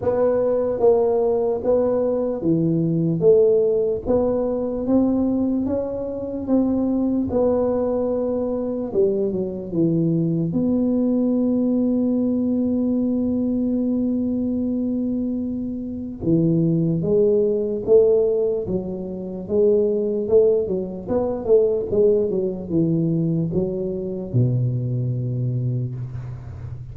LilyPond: \new Staff \with { instrumentName = "tuba" } { \time 4/4 \tempo 4 = 74 b4 ais4 b4 e4 | a4 b4 c'4 cis'4 | c'4 b2 g8 fis8 | e4 b2.~ |
b1 | e4 gis4 a4 fis4 | gis4 a8 fis8 b8 a8 gis8 fis8 | e4 fis4 b,2 | }